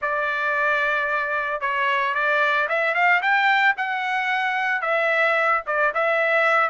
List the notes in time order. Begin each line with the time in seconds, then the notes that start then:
0.01 D5
1.60 C#5
2.14 D5
2.68 E5
2.94 F5
3.21 G5
3.77 F#5
4.81 E5
5.66 D5
5.94 E5